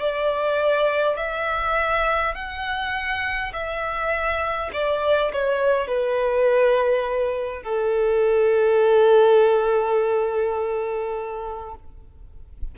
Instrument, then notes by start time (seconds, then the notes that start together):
violin
0.00 D5
1.17 E5
2.35 F#5
3.52 E5
4.73 D5
5.32 C#5
5.87 B4
7.63 A4